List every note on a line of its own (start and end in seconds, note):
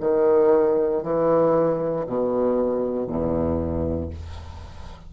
0.00 1.03 D#3
1.03 2.06 E3
2.06 3.07 B2
3.07 4.10 E2